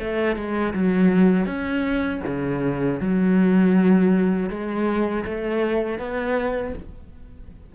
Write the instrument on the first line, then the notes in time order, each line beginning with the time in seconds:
cello
0.00 A3
0.36 G#3
0.74 F#3
1.46 C#4
2.26 C#3
3.00 F#3
4.50 G#3
5.25 A3
5.99 B3